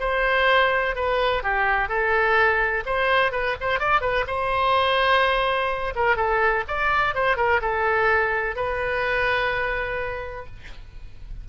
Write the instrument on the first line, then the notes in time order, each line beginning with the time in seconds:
oboe
0.00 C5
0.95 B4
1.43 G4
1.89 A4
2.86 C5
3.32 B4
3.61 C5
3.79 D5
4.01 B4
4.27 C5
5.95 A#4
6.16 A4
6.68 D5
7.15 C5
7.37 A#4
7.61 A4
8.56 B4